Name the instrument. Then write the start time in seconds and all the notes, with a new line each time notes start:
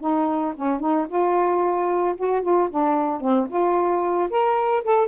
saxophone
0.00 D#4
0.56 C#4
0.80 D#4
1.08 F4
2.17 F#4
2.42 F4
2.70 D4
3.20 C4
3.49 F4
4.30 A#4
4.84 A4